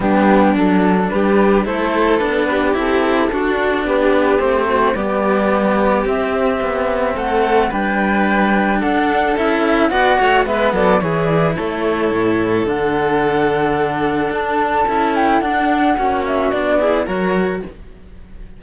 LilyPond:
<<
  \new Staff \with { instrumentName = "flute" } { \time 4/4 \tempo 4 = 109 g'4 a'4 b'4 c''4 | b'4 a'2 b'4 | c''4 d''2 e''4~ | e''4 fis''4 g''2 |
fis''4 e''4 fis''4 e''8 d''8 | cis''8 d''8 cis''2 fis''4~ | fis''2 a''4. g''8 | fis''4. e''8 d''4 cis''4 | }
  \new Staff \with { instrumentName = "violin" } { \time 4/4 d'2 g'4 a'4~ | a'8 g'4. fis'4 g'4~ | g'8 fis'8 g'2.~ | g'4 a'4 b'2 |
a'2 d''8 cis''8 b'8 a'8 | gis'4 a'2.~ | a'1~ | a'4 fis'4. gis'8 ais'4 | }
  \new Staff \with { instrumentName = "cello" } { \time 4/4 b4 d'2 e'4 | d'4 e'4 d'2 | c'4 b2 c'4~ | c'2 d'2~ |
d'4 e'4 fis'4 b4 | e'2. d'4~ | d'2. e'4 | d'4 cis'4 d'8 e'8 fis'4 | }
  \new Staff \with { instrumentName = "cello" } { \time 4/4 g4 fis4 g4 a4 | b4 c'4 d'4 b4 | a4 g2 c'4 | b4 a4 g2 |
d'4 cis'4 b8 a8 gis8 fis8 | e4 a4 a,4 d4~ | d2 d'4 cis'4 | d'4 ais4 b4 fis4 | }
>>